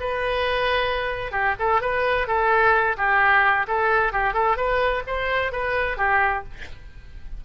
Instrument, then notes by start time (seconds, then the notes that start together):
oboe
0.00 B4
1.32 G4
1.59 A4
1.81 B4
2.27 A4
2.97 G4
3.68 A4
4.12 G4
4.34 A4
4.57 B4
5.07 C5
5.52 B4
5.97 G4